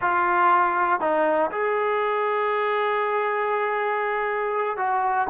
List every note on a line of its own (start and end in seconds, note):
0.01 1.00 F4
1.00 1.50 D#4
1.51 4.77 G#4
4.77 5.27 F#4